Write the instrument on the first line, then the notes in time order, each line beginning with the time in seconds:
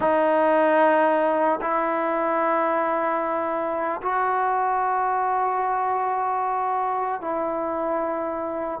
trombone
0.00 D#4
1.61 E4
4.01 F#4
7.21 E4